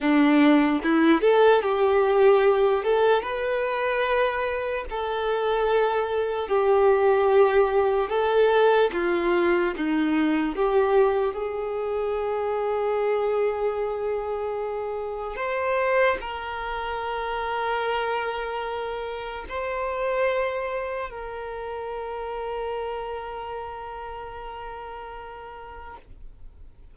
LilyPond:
\new Staff \with { instrumentName = "violin" } { \time 4/4 \tempo 4 = 74 d'4 e'8 a'8 g'4. a'8 | b'2 a'2 | g'2 a'4 f'4 | dis'4 g'4 gis'2~ |
gis'2. c''4 | ais'1 | c''2 ais'2~ | ais'1 | }